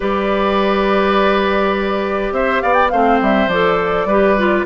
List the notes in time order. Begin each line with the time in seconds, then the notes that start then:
0.00 G3 G4 B4 D5
2.31 C4 C5 E5
2.62 B3 D5 F5
2.73 G5
2.89 A3 C4 C5 F5
3.21 G3 E5
3.47 F3 A4 D5
4.05 G3 G4 B4
4.37 F4